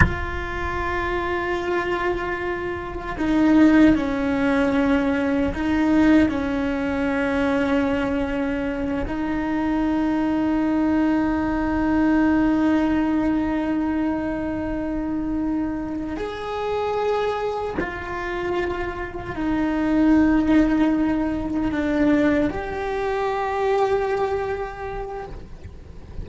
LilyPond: \new Staff \with { instrumentName = "cello" } { \time 4/4 \tempo 4 = 76 f'1 | dis'4 cis'2 dis'4 | cis'2.~ cis'8 dis'8~ | dis'1~ |
dis'1~ | dis'8 gis'2 f'4.~ | f'8 dis'2. d'8~ | d'8 g'2.~ g'8 | }